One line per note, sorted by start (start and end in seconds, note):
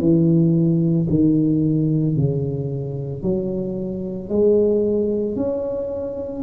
0.00 1.07 E3
1.09 2.16 D#3
2.16 3.22 C#3
3.22 4.29 F#3
4.29 5.36 G#3
5.36 6.42 C#4